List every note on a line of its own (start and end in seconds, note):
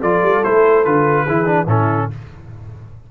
0.00 0.23 F3
0.00 0.44 F4
0.00 1.25 A4
0.00 0.44 D5
0.23 0.43 G3
0.44 0.86 A3
0.44 0.85 E4
0.44 0.84 C5
0.84 1.27 D3
0.84 1.27 F4
0.84 1.68 B4
1.25 1.67 E3
1.25 1.46 E4
1.25 1.66 G#4
1.46 1.66 D4
1.66 2.08 A2
1.66 2.10 C#4
1.66 2.08 E4
1.66 2.11 A4